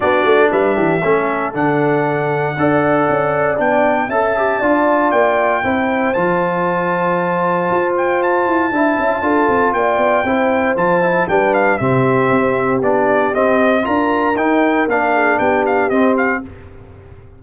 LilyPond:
<<
  \new Staff \with { instrumentName = "trumpet" } { \time 4/4 \tempo 4 = 117 d''4 e''2 fis''4~ | fis''2. g''4 | a''2 g''2 | a''2.~ a''8 g''8 |
a''2. g''4~ | g''4 a''4 g''8 f''8 e''4~ | e''4 d''4 dis''4 ais''4 | g''4 f''4 g''8 f''8 dis''8 f''8 | }
  \new Staff \with { instrumentName = "horn" } { \time 4/4 fis'4 b'8 g'8 a'2~ | a'4 d''2. | e''4 d''2 c''4~ | c''1~ |
c''4 e''4 a'4 d''4 | c''2 b'4 g'4~ | g'2. ais'4~ | ais'4. gis'8 g'2 | }
  \new Staff \with { instrumentName = "trombone" } { \time 4/4 d'2 cis'4 d'4~ | d'4 a'2 d'4 | a'8 g'8 f'2 e'4 | f'1~ |
f'4 e'4 f'2 | e'4 f'8 e'8 d'4 c'4~ | c'4 d'4 c'4 f'4 | dis'4 d'2 c'4 | }
  \new Staff \with { instrumentName = "tuba" } { \time 4/4 b8 a8 g8 e8 a4 d4~ | d4 d'4 cis'4 b4 | cis'4 d'4 ais4 c'4 | f2. f'4~ |
f'8 e'8 d'8 cis'8 d'8 c'8 ais8 b8 | c'4 f4 g4 c4 | c'4 b4 c'4 d'4 | dis'4 ais4 b4 c'4 | }
>>